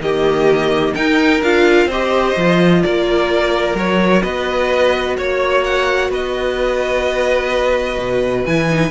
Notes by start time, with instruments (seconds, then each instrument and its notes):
0.00 cello D#3, viola A#3, violin G4 D#5
0.94 cello D#4, viola D#4, violin A#4 G5
1.42 cello D4, viola F4, violin F5
1.85 cello C4, violin C5 D#5
1.92 viola G4
2.36 cello F3, viola F4
2.82 cello A#3, violin A#4 D5
3.75 cello F#3, viola F#4, violin C#5
4.22 cello B3, violin B4 D#5
5.17 cello A#3, violin C#5
5.64 violin F#5
6.09 cello B3, violin B4 D#5
7.98 cello B2
8.45 cello E3, viola E4, violin G#5
8.70 viola D#4